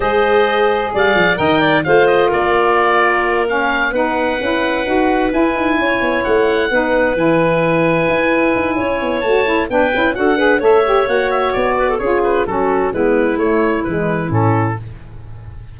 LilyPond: <<
  \new Staff \with { instrumentName = "oboe" } { \time 4/4 \tempo 4 = 130 dis''2 f''4 g''4 | f''8 dis''8 d''2~ d''8 f''8~ | f''8 fis''2. gis''8~ | gis''4. fis''2 gis''8~ |
gis''1 | a''4 g''4 fis''4 e''4 | fis''8 e''8 d''4 cis''8 b'8 a'4 | b'4 cis''4 b'4 a'4 | }
  \new Staff \with { instrumentName = "clarinet" } { \time 4/4 c''2 d''4 dis''8 d''8 | c''4 ais'2.~ | ais'8 b'2.~ b'8~ | b'8 cis''2 b'4.~ |
b'2. cis''4~ | cis''4 b'4 a'8 b'8 cis''4~ | cis''4. b'16 a'16 gis'4 fis'4 | e'1 | }
  \new Staff \with { instrumentName = "saxophone" } { \time 4/4 gis'2. ais'4 | f'2.~ f'8 cis'8~ | cis'8 dis'4 e'4 fis'4 e'8~ | e'2~ e'8 dis'4 e'8~ |
e'1 | fis'8 e'8 d'8 e'8 fis'8 gis'8 a'8 g'8 | fis'2 f'4 cis'4 | b4 a4 gis4 cis'4 | }
  \new Staff \with { instrumentName = "tuba" } { \time 4/4 gis2 g8 f8 dis4 | a4 ais2.~ | ais8 b4 cis'4 dis'4 e'8 | dis'8 cis'8 b8 a4 b4 e8~ |
e4. e'4 dis'8 cis'8 b8 | a4 b8 cis'8 d'4 a4 | ais4 b4 cis'4 fis4 | gis4 a4 e4 a,4 | }
>>